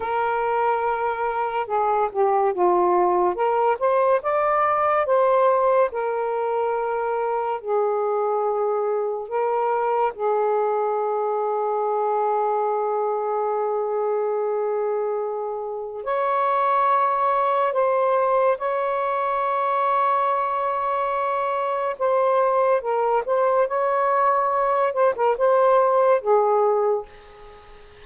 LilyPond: \new Staff \with { instrumentName = "saxophone" } { \time 4/4 \tempo 4 = 71 ais'2 gis'8 g'8 f'4 | ais'8 c''8 d''4 c''4 ais'4~ | ais'4 gis'2 ais'4 | gis'1~ |
gis'2. cis''4~ | cis''4 c''4 cis''2~ | cis''2 c''4 ais'8 c''8 | cis''4. c''16 ais'16 c''4 gis'4 | }